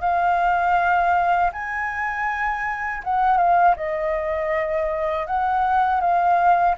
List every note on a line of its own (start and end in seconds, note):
0.00 1.50 F5
1.52 3.02 G#5
3.03 3.37 F#5
3.37 3.74 F5
3.76 5.26 D#5
5.26 6.00 F#5
6.00 6.75 F5